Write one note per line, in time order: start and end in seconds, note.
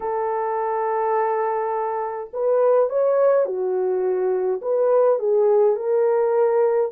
0.00 2.30 A4
2.33 2.89 B4
2.89 3.45 C#5
3.45 4.60 F#4
4.61 5.19 B4
5.19 5.75 G#4
5.75 6.91 A#4